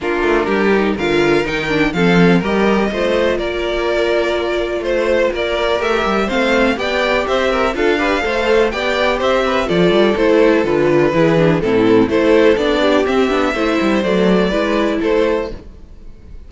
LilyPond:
<<
  \new Staff \with { instrumentName = "violin" } { \time 4/4 \tempo 4 = 124 ais'2 f''4 g''4 | f''4 dis''2 d''4~ | d''2 c''4 d''4 | e''4 f''4 g''4 e''4 |
f''2 g''4 e''4 | d''4 c''4 b'2 | a'4 c''4 d''4 e''4~ | e''4 d''2 c''4 | }
  \new Staff \with { instrumentName = "violin" } { \time 4/4 f'4 g'4 ais'2 | a'4 ais'4 c''4 ais'4~ | ais'2 c''4 ais'4~ | ais'4 c''4 d''4 c''8 ais'8 |
a'8 b'8 c''4 d''4 c''8 b'8 | a'2. gis'4 | e'4 a'4. g'4. | c''2 b'4 a'4 | }
  \new Staff \with { instrumentName = "viola" } { \time 4/4 d'4. dis'8 f'4 dis'8 d'8 | c'4 g'4 f'2~ | f'1 | g'4 c'4 g'2 |
f'8 g'8 a'4 g'2 | f'4 e'4 f'4 e'8 d'8 | c'4 e'4 d'4 c'8 d'8 | e'4 a4 e'2 | }
  \new Staff \with { instrumentName = "cello" } { \time 4/4 ais8 a8 g4 d4 dis4 | f4 g4 a4 ais4~ | ais2 a4 ais4 | a8 g8 a4 b4 c'4 |
d'4 a4 b4 c'4 | f8 g8 a4 d4 e4 | a,4 a4 b4 c'8 b8 | a8 g8 fis4 gis4 a4 | }
>>